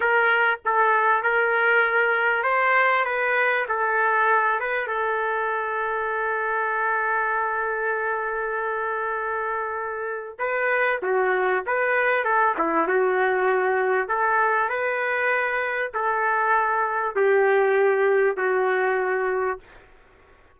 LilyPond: \new Staff \with { instrumentName = "trumpet" } { \time 4/4 \tempo 4 = 98 ais'4 a'4 ais'2 | c''4 b'4 a'4. b'8 | a'1~ | a'1~ |
a'4 b'4 fis'4 b'4 | a'8 e'8 fis'2 a'4 | b'2 a'2 | g'2 fis'2 | }